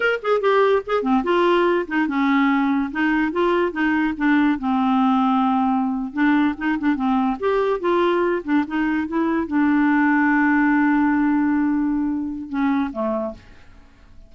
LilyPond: \new Staff \with { instrumentName = "clarinet" } { \time 4/4 \tempo 4 = 144 ais'8 gis'8 g'4 gis'8 c'8 f'4~ | f'8 dis'8 cis'2 dis'4 | f'4 dis'4 d'4 c'4~ | c'2~ c'8. d'4 dis'16~ |
dis'16 d'8 c'4 g'4 f'4~ f'16~ | f'16 d'8 dis'4 e'4 d'4~ d'16~ | d'1~ | d'2 cis'4 a4 | }